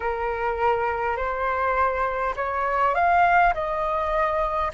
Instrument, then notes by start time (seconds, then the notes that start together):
flute
0.00 A#4
1.17 C5
2.36 C#5
2.94 F5
3.53 D#5